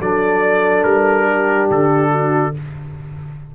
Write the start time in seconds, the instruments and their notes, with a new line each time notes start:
0.00 tuba F#3, trombone D4, horn A4, trumpet D5
0.83 tuba G3, trumpet A#4
1.26 horn G4
1.70 tuba D3, trumpet A4
2.11 horn F#4